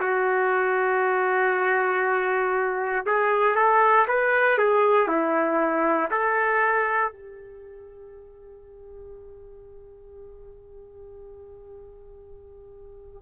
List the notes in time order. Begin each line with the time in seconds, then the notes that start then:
0.00 F#4
3.06 G#4
3.55 A4
4.07 B4
4.58 G#4
5.07 E4
6.11 A4
7.12 G4